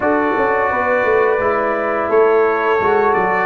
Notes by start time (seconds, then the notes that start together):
0.00 D4 F#4 A4 D5
0.37 C#4
0.70 B3 B4
1.03 A3
1.38 G#3 E4
2.09 A3 A4 C#5
2.80 G#3 F#4
3.13 F#3 D5